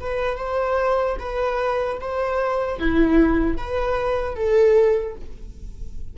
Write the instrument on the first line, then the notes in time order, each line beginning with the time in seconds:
viola
0.00 B4
0.37 C5
1.19 B4
2.00 C5
2.79 E4
3.57 B4
4.35 A4